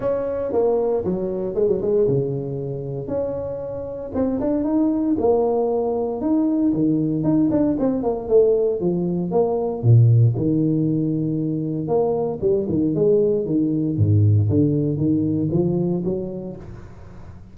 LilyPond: \new Staff \with { instrumentName = "tuba" } { \time 4/4 \tempo 4 = 116 cis'4 ais4 fis4 gis16 fis16 gis8 | cis2 cis'2 | c'8 d'8 dis'4 ais2 | dis'4 dis4 dis'8 d'8 c'8 ais8 |
a4 f4 ais4 ais,4 | dis2. ais4 | g8 dis8 gis4 dis4 gis,4 | d4 dis4 f4 fis4 | }